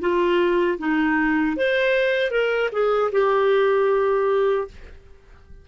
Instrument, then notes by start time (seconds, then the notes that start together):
clarinet
0.00 F4
0.78 D#4
1.56 C5
2.31 A#4
2.72 G#4
3.11 G4